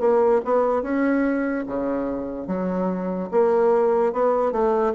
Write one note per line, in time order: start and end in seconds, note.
0.00 0.41 A#3
0.45 0.83 B3
0.83 1.65 C#4
1.67 2.47 C#3
2.47 3.30 F#3
3.31 4.13 A#3
4.13 4.52 B3
4.52 4.93 A3